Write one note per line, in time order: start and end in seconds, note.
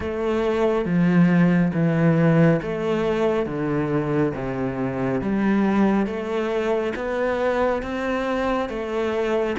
0.00 0.85 A3
0.85 1.72 F3
1.74 2.60 E3
2.62 3.46 A3
3.46 4.33 D3
4.34 5.21 C3
5.21 6.06 G3
6.06 6.93 A3
6.95 7.82 B3
7.82 8.69 C4
8.69 9.56 A3